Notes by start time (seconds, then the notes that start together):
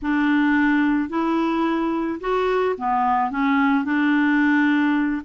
0.02 D4
1.09 E4
2.20 F#4
2.77 B3
3.30 C#4
3.84 D4